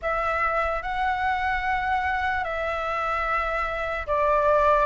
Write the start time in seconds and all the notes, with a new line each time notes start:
0.01 E5
0.82 F#5
2.44 E5
4.06 D5